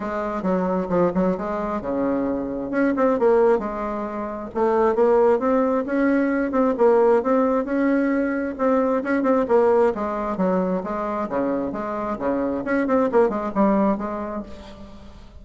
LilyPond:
\new Staff \with { instrumentName = "bassoon" } { \time 4/4 \tempo 4 = 133 gis4 fis4 f8 fis8 gis4 | cis2 cis'8 c'8 ais4 | gis2 a4 ais4 | c'4 cis'4. c'8 ais4 |
c'4 cis'2 c'4 | cis'8 c'8 ais4 gis4 fis4 | gis4 cis4 gis4 cis4 | cis'8 c'8 ais8 gis8 g4 gis4 | }